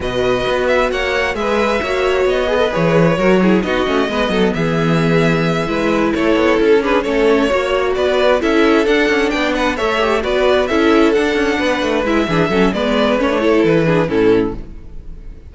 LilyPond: <<
  \new Staff \with { instrumentName = "violin" } { \time 4/4 \tempo 4 = 132 dis''4. e''8 fis''4 e''4~ | e''4 dis''4 cis''2 | dis''2 e''2~ | e''4. cis''4 a'8 b'8 cis''8~ |
cis''4. d''4 e''4 fis''8~ | fis''8 g''8 fis''8 e''4 d''4 e''8~ | e''8 fis''2 e''4. | d''4 cis''4 b'4 a'4 | }
  \new Staff \with { instrumentName = "violin" } { \time 4/4 b'2 cis''4 b'4 | cis''4. b'4. ais'8 gis'8 | fis'4 b'8 a'8 gis'2~ | gis'8 b'4 a'4. gis'8 a'8~ |
a'8 cis''4 b'4 a'4.~ | a'8 d''8 b'8 cis''4 b'4 a'8~ | a'4. b'4. gis'8 a'8 | b'4. a'4 gis'8 e'4 | }
  \new Staff \with { instrumentName = "viola" } { \time 4/4 fis'2. gis'4 | fis'4. gis'16 a'16 gis'4 fis'8 e'8 | dis'8 cis'8 b2.~ | b8 e'2~ e'8 d'8 cis'8~ |
cis'8 fis'2 e'4 d'8~ | d'4. a'8 g'8 fis'4 e'8~ | e'8 d'2 e'8 d'8 cis'8 | b4 cis'16 d'16 e'4 d'8 cis'4 | }
  \new Staff \with { instrumentName = "cello" } { \time 4/4 b,4 b4 ais4 gis4 | ais4 b4 e4 fis4 | b8 a8 gis8 fis8 e2~ | e8 gis4 a8 b8 cis'4 a8~ |
a8 ais4 b4 cis'4 d'8 | cis'8 b4 a4 b4 cis'8~ | cis'8 d'8 cis'8 b8 a8 gis8 e8 fis8 | gis4 a4 e4 a,4 | }
>>